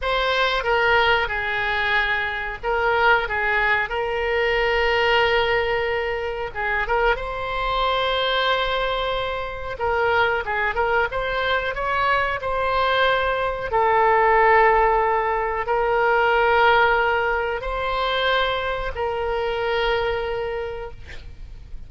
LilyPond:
\new Staff \with { instrumentName = "oboe" } { \time 4/4 \tempo 4 = 92 c''4 ais'4 gis'2 | ais'4 gis'4 ais'2~ | ais'2 gis'8 ais'8 c''4~ | c''2. ais'4 |
gis'8 ais'8 c''4 cis''4 c''4~ | c''4 a'2. | ais'2. c''4~ | c''4 ais'2. | }